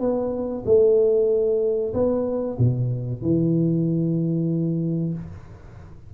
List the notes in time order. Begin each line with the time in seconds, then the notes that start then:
0.00 B3
0.66 A3
1.94 B3
2.58 B2
3.22 E3